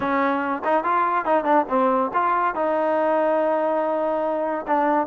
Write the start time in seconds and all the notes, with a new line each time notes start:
0.00 C#4
0.64 D#4
0.83 F4
1.25 D#4
1.44 D4
1.68 C4
2.13 F4
2.54 D#4
4.67 D4